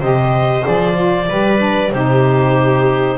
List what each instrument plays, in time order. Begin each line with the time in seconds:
0.00 double bass C3, saxophone G4, viola C5, clarinet D#5
0.63 double bass F3, saxophone G#4, clarinet D5
0.93 saxophone F4
1.29 double bass G3, saxophone G4, viola B4
1.58 saxophone D4
1.91 double bass C3, saxophone D#4, viola G4, clarinet C5